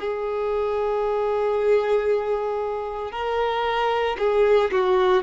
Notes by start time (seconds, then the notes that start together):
0.00 G#4
3.12 A#4
4.19 G#4
4.72 F#4